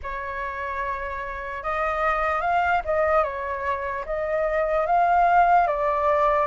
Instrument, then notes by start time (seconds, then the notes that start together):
flute
0.03 C#5
1.63 D#5
2.41 F5
2.84 D#5
3.23 C#5
4.05 D#5
4.86 F5
5.67 D5